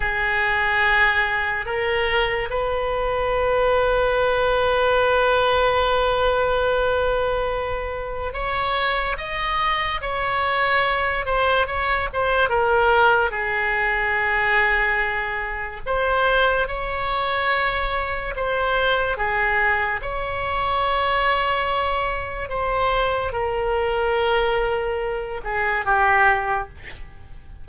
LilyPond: \new Staff \with { instrumentName = "oboe" } { \time 4/4 \tempo 4 = 72 gis'2 ais'4 b'4~ | b'1~ | b'2 cis''4 dis''4 | cis''4. c''8 cis''8 c''8 ais'4 |
gis'2. c''4 | cis''2 c''4 gis'4 | cis''2. c''4 | ais'2~ ais'8 gis'8 g'4 | }